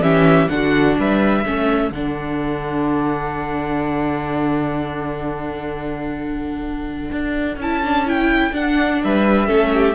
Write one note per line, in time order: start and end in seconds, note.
0.00 0.47 E3
0.00 0.48 C#4
0.00 0.50 G4
0.00 0.48 E5
0.48 0.97 D3
0.48 1.44 D4
0.48 0.99 F#4
0.48 0.95 F#5
0.98 1.45 G3
0.98 1.45 B4
0.98 1.92 E5
1.45 1.90 A3
1.45 1.92 C#4
1.45 9.01 A4
1.90 7.10 D3
1.90 7.61 D4
1.90 7.59 F#5
7.11 7.56 D4
7.56 8.50 C#4
7.56 7.84 E4
7.56 8.08 A5
7.84 8.05 D4
8.05 8.53 E4
8.05 8.54 G5
8.52 8.99 D4
8.52 9.46 D4
8.52 9.02 F#5
9.04 9.49 G3
9.04 9.46 B4
9.04 9.94 E5
9.46 9.94 A3
9.46 9.94 C#4
9.46 9.70 A4
9.73 9.94 G4